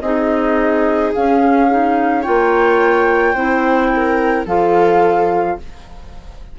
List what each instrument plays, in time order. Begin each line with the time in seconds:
0.00 bassoon C4, clarinet D#4, viola G#4, flute D#5
1.14 clarinet C#4, bassoon C#4, flute F5
1.70 clarinet D#4
2.22 bassoon A#3, clarinet F4, viola C#5, flute G5
3.33 bassoon C4, clarinet E4, viola C5
3.95 viola A#4
4.45 bassoon F3, clarinet F4, viola A4, flute F5